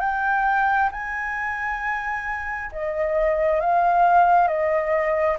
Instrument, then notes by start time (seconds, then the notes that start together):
flute
0.00 G5
0.92 G#5
2.72 D#5
3.60 F5
4.47 D#5